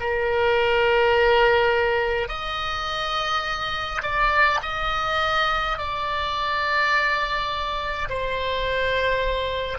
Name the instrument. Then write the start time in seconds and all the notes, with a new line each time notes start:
oboe
0.00 A#4
2.29 D#5
4.02 D5
4.63 D#5
5.78 D5
8.09 C5